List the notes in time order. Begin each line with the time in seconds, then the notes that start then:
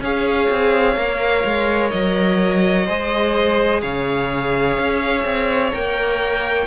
0.00 C#4 G#4 C#5 F5
0.49 C4
0.96 A#3 A#4
1.44 G#3
1.90 F#3 D#5
2.86 G#3 G#4 C5
3.81 C#3 C#5 F5
4.77 C#4
5.24 C4
5.71 A#3 A#4 G5